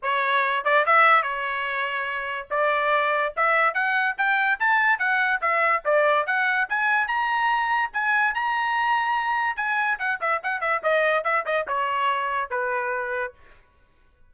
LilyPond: \new Staff \with { instrumentName = "trumpet" } { \time 4/4 \tempo 4 = 144 cis''4. d''8 e''4 cis''4~ | cis''2 d''2 | e''4 fis''4 g''4 a''4 | fis''4 e''4 d''4 fis''4 |
gis''4 ais''2 gis''4 | ais''2. gis''4 | fis''8 e''8 fis''8 e''8 dis''4 e''8 dis''8 | cis''2 b'2 | }